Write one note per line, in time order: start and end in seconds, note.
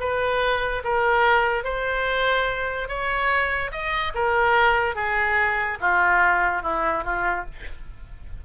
0.00 0.83 B4
0.84 1.64 A#4
1.64 2.89 C5
2.89 3.71 C#5
3.72 4.13 D#5
4.15 4.95 A#4
4.95 5.78 G#4
5.81 6.63 F4
6.63 7.04 E4
7.04 7.46 F4